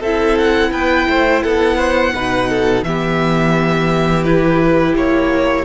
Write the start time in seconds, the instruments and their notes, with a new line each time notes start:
0.00 cello C4, viola E4, violin A4 E5
0.38 violin F#5
0.72 cello B3, violin B4 G5
1.08 cello A3, violin C5
1.43 cello B3, violin A4 F#5
1.78 violin C5
2.14 cello B2, viola D#4, violin B4
2.50 violin A4
2.83 cello E3, viola B3, violin G4 E5
4.24 viola E4, violin B4
4.95 cello A#3, violin C#5